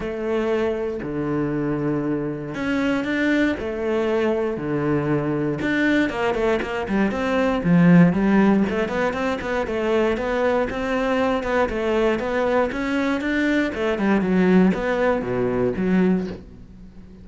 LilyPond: \new Staff \with { instrumentName = "cello" } { \time 4/4 \tempo 4 = 118 a2 d2~ | d4 cis'4 d'4 a4~ | a4 d2 d'4 | ais8 a8 ais8 g8 c'4 f4 |
g4 a8 b8 c'8 b8 a4 | b4 c'4. b8 a4 | b4 cis'4 d'4 a8 g8 | fis4 b4 b,4 fis4 | }